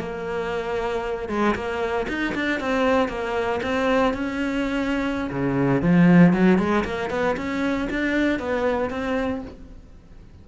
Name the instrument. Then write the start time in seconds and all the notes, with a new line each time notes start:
cello
0.00 A#3
1.29 G#3
1.56 A#3
2.09 D#4
2.35 D4
2.60 C4
3.09 A#3
3.63 C4
4.14 C#4
5.31 C#3
5.82 F3
6.34 F#3
6.59 G#3
6.85 A#3
7.11 B3
7.37 C#4
7.90 D4
8.40 B3
8.90 C4